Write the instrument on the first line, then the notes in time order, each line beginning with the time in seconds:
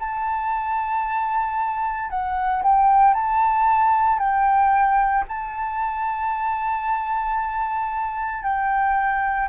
flute
0.00 A5
2.11 F#5
2.63 G5
3.14 A5
4.19 G5
5.28 A5
8.44 G5